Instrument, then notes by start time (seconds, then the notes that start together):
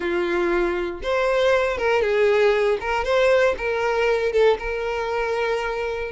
violin
0.00 F4
1.02 C5
1.77 A#4
2.02 G#4
2.80 A#4
3.04 C5
3.57 A#4
4.32 A4
4.59 A#4